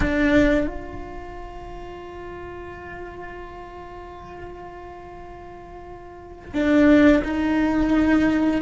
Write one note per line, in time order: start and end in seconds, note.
0.00 0.66 D4
0.66 6.53 F4
6.53 7.22 D4
7.24 8.61 D#4